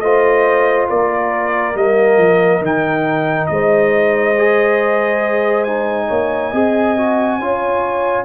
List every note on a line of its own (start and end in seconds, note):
0.00 0.88 A3
0.00 1.75 F4
0.00 0.89 C5
0.00 0.87 D#5
0.89 1.75 A#3
0.89 3.50 A#4
0.89 1.77 D5
1.75 2.18 G3
1.75 2.61 A#3
1.75 2.64 D#5
2.18 2.61 F3
2.61 3.48 D#3
2.61 4.35 D#4
2.61 3.47 G5
3.47 6.10 G#3
3.47 6.08 C5
3.47 5.64 D#5
4.38 5.67 G#4
5.64 6.53 D#4
5.64 8.25 G#5
6.08 6.53 A#3
6.08 6.51 C#5
6.51 7.40 C4
6.51 6.97 G#4
6.51 7.38 D#5
6.97 7.41 F#4
7.39 8.26 C#4
7.39 8.26 F4
7.39 8.26 C#5